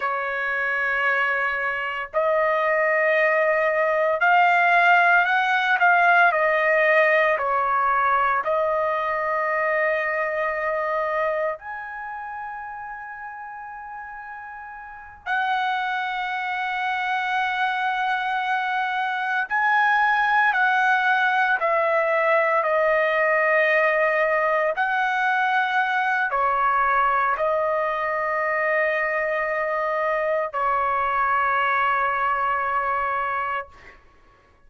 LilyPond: \new Staff \with { instrumentName = "trumpet" } { \time 4/4 \tempo 4 = 57 cis''2 dis''2 | f''4 fis''8 f''8 dis''4 cis''4 | dis''2. gis''4~ | gis''2~ gis''8 fis''4.~ |
fis''2~ fis''8 gis''4 fis''8~ | fis''8 e''4 dis''2 fis''8~ | fis''4 cis''4 dis''2~ | dis''4 cis''2. | }